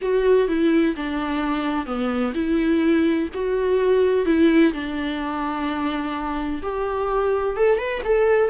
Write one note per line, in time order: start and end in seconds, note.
0.01 0.47 F#4
0.47 0.95 E4
0.96 1.86 D4
1.86 2.33 B3
2.34 3.28 E4
3.33 4.25 F#4
4.25 4.72 E4
4.73 6.62 D4
6.62 7.56 G4
7.56 7.77 A4
7.77 8.01 B4
8.04 8.49 A4